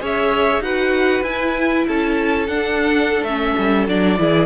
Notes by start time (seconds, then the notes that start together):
0.00 C#4 G#4 C#5 E5
0.59 D#4 F#4 B4 F#5
1.23 E4 G#5
1.87 C#4 A4 A5
2.47 D4 F#5
3.23 A3 C#4 E5
3.58 G3
3.88 F#3 D4 D5
4.18 E3 E4 G#4